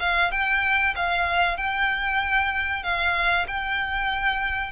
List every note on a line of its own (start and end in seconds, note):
0.00 0.32 F5
0.32 0.95 G5
0.96 1.58 F5
1.58 2.84 G5
2.84 3.47 F5
3.48 4.73 G5